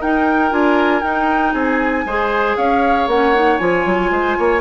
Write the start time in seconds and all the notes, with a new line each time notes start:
0.00 D#4 A#4 G5
0.50 D4 F4 G#5
1.02 D#4 G5
1.53 C4 G#4 G#5
2.05 G#3 G#4 C5
2.56 C#4 C#5 F5
3.07 A#3 C#4 F#5
3.34 D#4
3.58 F3 F4 G#5
3.85 F#3
4.10 G#3 C5
4.37 A#3 C#5